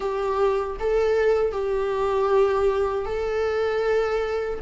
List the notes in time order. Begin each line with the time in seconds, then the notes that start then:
0.00 G4
0.79 A4
1.52 G4
3.05 A4